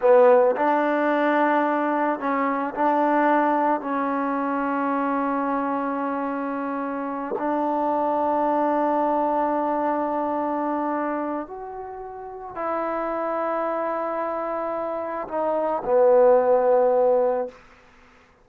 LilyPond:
\new Staff \with { instrumentName = "trombone" } { \time 4/4 \tempo 4 = 110 b4 d'2. | cis'4 d'2 cis'4~ | cis'1~ | cis'4. d'2~ d'8~ |
d'1~ | d'4 fis'2 e'4~ | e'1 | dis'4 b2. | }